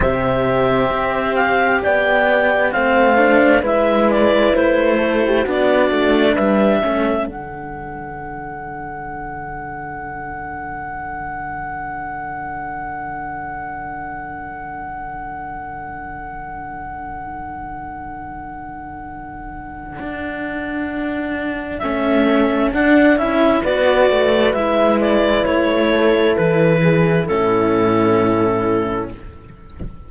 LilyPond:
<<
  \new Staff \with { instrumentName = "clarinet" } { \time 4/4 \tempo 4 = 66 e''4. f''8 g''4 f''4 | e''8 d''8 c''4 d''4 e''4 | fis''1~ | fis''1~ |
fis''1~ | fis''1 | e''4 fis''8 e''8 d''4 e''8 d''8 | cis''4 b'4 a'2 | }
  \new Staff \with { instrumentName = "horn" } { \time 4/4 c''2 d''4 c''4 | b'4. a'16 g'16 fis'4 b'8 a'8~ | a'1~ | a'1~ |
a'1~ | a'1~ | a'2 b'2~ | b'8 a'4 gis'8 e'2 | }
  \new Staff \with { instrumentName = "cello" } { \time 4/4 g'2. c'8 d'8 | e'2 d'4. cis'8 | d'1~ | d'1~ |
d'1~ | d'1 | cis'4 d'8 e'8 fis'4 e'4~ | e'2 cis'2 | }
  \new Staff \with { instrumentName = "cello" } { \time 4/4 c4 c'4 b4 a4 | gis4 a4 b8 a8 g8 a8 | d1~ | d1~ |
d1~ | d2 d'2 | a4 d'8 cis'8 b8 a8 gis4 | a4 e4 a,2 | }
>>